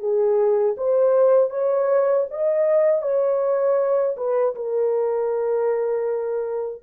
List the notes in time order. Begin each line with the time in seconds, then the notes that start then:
0.00 G#4
0.78 C5
1.51 C#5
2.31 D#5
3.02 C#5
4.17 B4
4.56 A#4